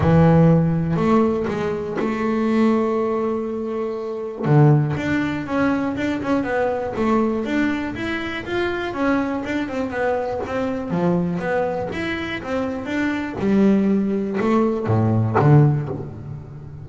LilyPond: \new Staff \with { instrumentName = "double bass" } { \time 4/4 \tempo 4 = 121 e2 a4 gis4 | a1~ | a4 d4 d'4 cis'4 | d'8 cis'8 b4 a4 d'4 |
e'4 f'4 cis'4 d'8 c'8 | b4 c'4 f4 b4 | e'4 c'4 d'4 g4~ | g4 a4 a,4 d4 | }